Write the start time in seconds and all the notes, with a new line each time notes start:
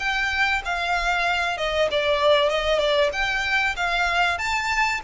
0.00 G5
0.65 F5
1.58 D#5
1.91 D5
2.50 D#5
2.80 D5
3.13 G5
3.76 F5
4.39 A5